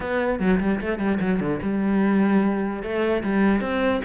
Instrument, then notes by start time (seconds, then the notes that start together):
cello
0.00 B3
0.39 F#3
0.60 G3
0.81 A3
0.98 G3
1.20 F#3
1.40 D3
1.62 G3
2.82 A3
3.23 G3
3.61 C4